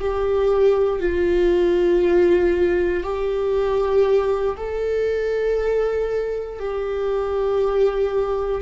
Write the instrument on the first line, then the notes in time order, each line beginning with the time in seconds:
viola
0.00 G4
1.00 F4
3.04 G4
4.56 A4
6.60 G4